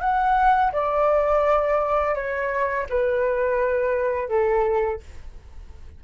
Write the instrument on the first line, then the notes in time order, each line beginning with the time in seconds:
flute
0.00 F#5
0.72 D5
2.15 C#5
2.89 B4
4.29 A4